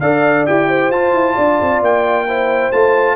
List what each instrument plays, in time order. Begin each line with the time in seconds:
0.00 tuba D4, trombone A4, horn D5, trumpet F5
0.46 tuba E4, trombone G4, trumpet G5
0.68 horn C5
0.90 tuba F4, trombone F4, trumpet A5
1.13 tuba E4
1.34 tuba D4, horn D5
1.61 tuba C4
1.80 tuba A#3, trumpet G5
2.28 trombone E4, horn C5
2.72 tuba A3, trombone F4, trumpet A5